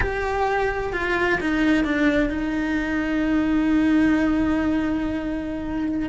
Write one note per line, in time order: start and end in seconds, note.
0.00 0.93 G4
0.93 1.39 F4
1.40 1.84 D#4
1.84 2.29 D4
2.29 6.09 D#4